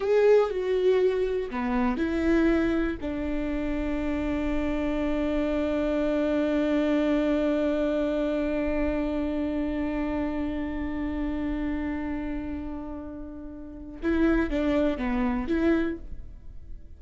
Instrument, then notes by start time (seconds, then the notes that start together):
viola
0.00 G#4
0.50 F#4
1.50 B3
1.97 E4
3.01 D4
14.02 E4
14.50 D4
14.97 B3
15.47 E4